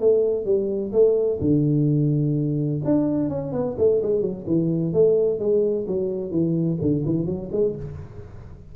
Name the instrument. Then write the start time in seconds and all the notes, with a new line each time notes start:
tuba
0.00 A3
0.45 G3
0.92 A3
1.41 D3
2.85 D4
3.29 C#4
3.53 B3
3.78 A3
4.02 G#3
4.21 F#3
4.47 E3
4.93 A3
5.39 G#3
5.87 F#3
6.31 E3
6.81 D3
7.06 E3
7.26 F#3
7.52 G#3